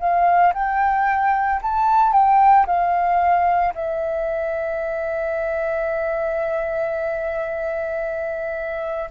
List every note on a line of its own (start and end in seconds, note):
0.00 0.54 F5
0.54 1.61 G5
1.62 2.12 A5
2.12 2.66 G5
2.66 3.74 F5
3.75 9.10 E5